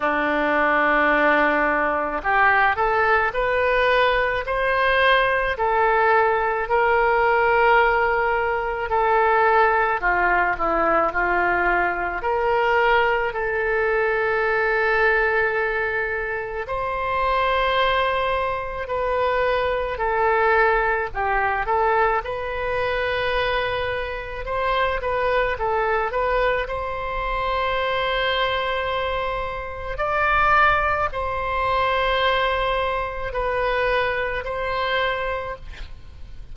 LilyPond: \new Staff \with { instrumentName = "oboe" } { \time 4/4 \tempo 4 = 54 d'2 g'8 a'8 b'4 | c''4 a'4 ais'2 | a'4 f'8 e'8 f'4 ais'4 | a'2. c''4~ |
c''4 b'4 a'4 g'8 a'8 | b'2 c''8 b'8 a'8 b'8 | c''2. d''4 | c''2 b'4 c''4 | }